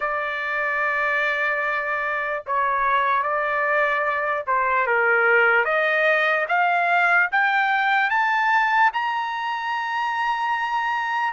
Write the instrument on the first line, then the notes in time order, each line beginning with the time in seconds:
trumpet
0.00 D5
2.46 C#5
3.22 D5
4.46 C5
4.86 A#4
5.65 D#5
6.48 F5
7.31 G5
8.09 A5
8.93 A#5